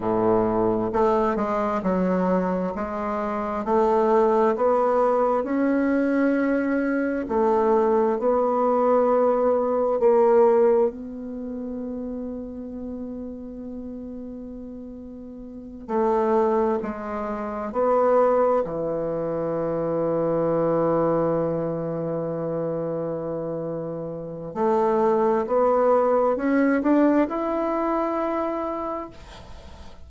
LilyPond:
\new Staff \with { instrumentName = "bassoon" } { \time 4/4 \tempo 4 = 66 a,4 a8 gis8 fis4 gis4 | a4 b4 cis'2 | a4 b2 ais4 | b1~ |
b4. a4 gis4 b8~ | b8 e2.~ e8~ | e2. a4 | b4 cis'8 d'8 e'2 | }